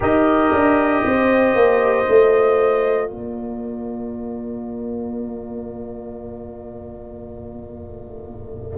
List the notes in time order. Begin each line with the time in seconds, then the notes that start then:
0.00 D#4 G4 A#4 D#5
0.52 D4
1.04 C4 C5
1.55 A#3
2.05 A3 F4
3.08 A#3 A#4 D5